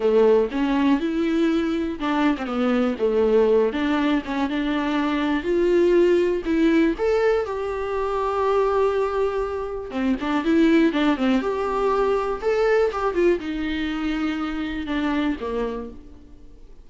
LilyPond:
\new Staff \with { instrumentName = "viola" } { \time 4/4 \tempo 4 = 121 a4 cis'4 e'2 | d'8. c'16 b4 a4. d'8~ | d'8 cis'8 d'2 f'4~ | f'4 e'4 a'4 g'4~ |
g'1 | c'8 d'8 e'4 d'8 c'8 g'4~ | g'4 a'4 g'8 f'8 dis'4~ | dis'2 d'4 ais4 | }